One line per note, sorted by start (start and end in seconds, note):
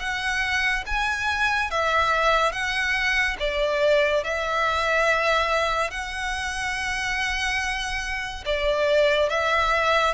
0.00 0.85 F#5
0.87 1.71 G#5
1.71 2.53 E5
2.53 3.37 F#5
3.40 4.24 D5
4.24 5.91 E5
5.91 8.45 F#5
8.46 9.30 D5
9.30 10.14 E5